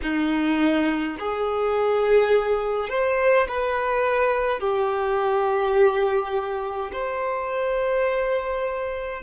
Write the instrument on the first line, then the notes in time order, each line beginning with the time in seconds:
violin
0.02 D#4
1.19 G#4
2.89 C5
3.48 B4
4.59 G4
6.92 C5